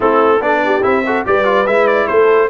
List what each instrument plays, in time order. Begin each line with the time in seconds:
0.00 tuba A3, trombone C4, horn E4, trumpet A4
0.41 tuba B3, trombone D4, horn A4, trumpet D5
0.65 horn G4
0.82 tuba C4, trombone E4, trumpet E5
1.05 trombone F#4, horn A4
1.25 tuba G3, trombone G4, horn B4, trumpet D5
1.44 trombone F4
1.66 tuba G#3, trombone E4, trumpet E5
1.87 trumpet D5
2.07 tuba A3, horn A4, trumpet C5